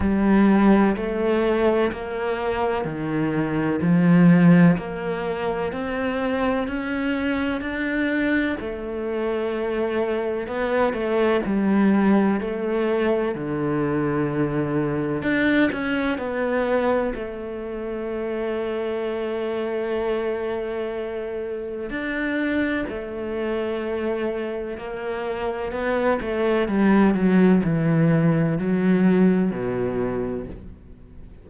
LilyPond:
\new Staff \with { instrumentName = "cello" } { \time 4/4 \tempo 4 = 63 g4 a4 ais4 dis4 | f4 ais4 c'4 cis'4 | d'4 a2 b8 a8 | g4 a4 d2 |
d'8 cis'8 b4 a2~ | a2. d'4 | a2 ais4 b8 a8 | g8 fis8 e4 fis4 b,4 | }